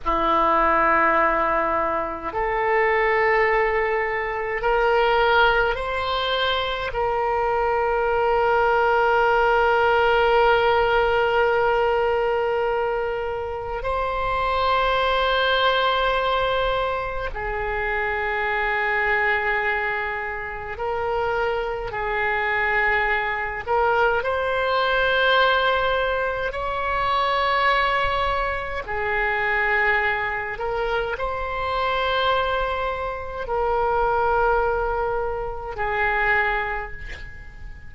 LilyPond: \new Staff \with { instrumentName = "oboe" } { \time 4/4 \tempo 4 = 52 e'2 a'2 | ais'4 c''4 ais'2~ | ais'1 | c''2. gis'4~ |
gis'2 ais'4 gis'4~ | gis'8 ais'8 c''2 cis''4~ | cis''4 gis'4. ais'8 c''4~ | c''4 ais'2 gis'4 | }